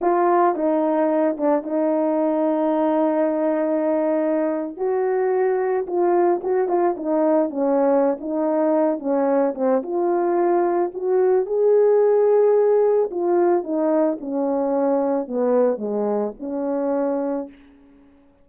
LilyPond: \new Staff \with { instrumentName = "horn" } { \time 4/4 \tempo 4 = 110 f'4 dis'4. d'8 dis'4~ | dis'1~ | dis'8. fis'2 f'4 fis'16~ | fis'16 f'8 dis'4 cis'4~ cis'16 dis'4~ |
dis'8 cis'4 c'8 f'2 | fis'4 gis'2. | f'4 dis'4 cis'2 | b4 gis4 cis'2 | }